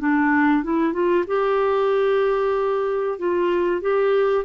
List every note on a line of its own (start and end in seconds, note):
0.00 0.64 D4
0.64 0.93 E4
0.93 1.25 F4
1.28 3.19 G4
3.19 3.82 F4
3.82 4.45 G4